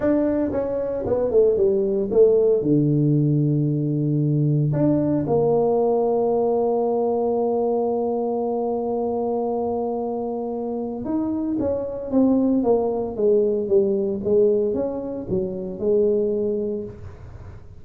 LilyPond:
\new Staff \with { instrumentName = "tuba" } { \time 4/4 \tempo 4 = 114 d'4 cis'4 b8 a8 g4 | a4 d2.~ | d4 d'4 ais2~ | ais1~ |
ais1~ | ais4 dis'4 cis'4 c'4 | ais4 gis4 g4 gis4 | cis'4 fis4 gis2 | }